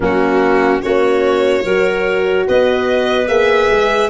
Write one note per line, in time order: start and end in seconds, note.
0.00 0.81 F#3
0.00 0.81 A#3
0.00 0.82 C#4
0.00 0.82 F#4
0.81 1.64 A#3
0.81 1.63 C#4
0.81 1.63 F#4
0.81 2.47 C#5
1.63 2.46 F#3
1.63 3.27 F#4
1.63 2.45 A#4
2.46 3.28 B3
2.46 4.09 B4
2.46 3.27 D#5
3.27 3.69 A#3
3.27 4.09 G#4
3.27 4.09 E5
3.70 4.09 G#3